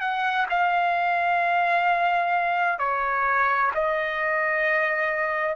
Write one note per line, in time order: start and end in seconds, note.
0.00 0.46 F#5
0.49 2.78 F5
2.78 3.70 C#5
3.74 5.55 D#5